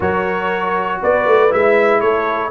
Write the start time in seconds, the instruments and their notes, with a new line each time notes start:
0.00 tuba F#3, trombone F#4, horn A#4, trumpet C#5
1.02 tuba B3, horn B4, trumpet D5
1.26 tuba A3
1.49 tuba G#3, trombone E4, trumpet E5
2.00 tuba A3, horn A4, trumpet C#5